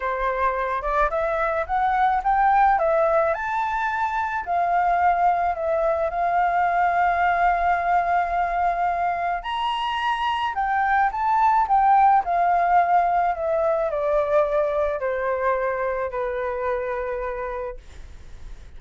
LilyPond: \new Staff \with { instrumentName = "flute" } { \time 4/4 \tempo 4 = 108 c''4. d''8 e''4 fis''4 | g''4 e''4 a''2 | f''2 e''4 f''4~ | f''1~ |
f''4 ais''2 g''4 | a''4 g''4 f''2 | e''4 d''2 c''4~ | c''4 b'2. | }